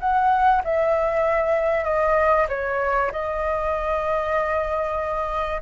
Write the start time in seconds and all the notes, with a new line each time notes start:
0.00 F#5
0.64 E5
1.84 D#5
2.49 C#5
3.12 D#5